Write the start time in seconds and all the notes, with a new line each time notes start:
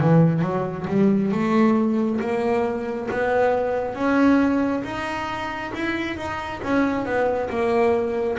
0.00 E3
0.41 F#3
0.87 G3
1.32 A3
2.20 A#3
3.10 B3
3.94 C#4
4.83 D#4
5.74 E4
6.16 D#4
6.63 C#4
7.05 B3
7.49 A#3